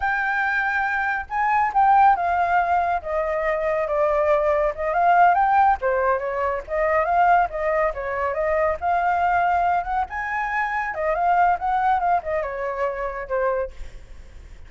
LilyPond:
\new Staff \with { instrumentName = "flute" } { \time 4/4 \tempo 4 = 140 g''2. gis''4 | g''4 f''2 dis''4~ | dis''4 d''2 dis''8 f''8~ | f''8 g''4 c''4 cis''4 dis''8~ |
dis''8 f''4 dis''4 cis''4 dis''8~ | dis''8 f''2~ f''8 fis''8 gis''8~ | gis''4. dis''8 f''4 fis''4 | f''8 dis''8 cis''2 c''4 | }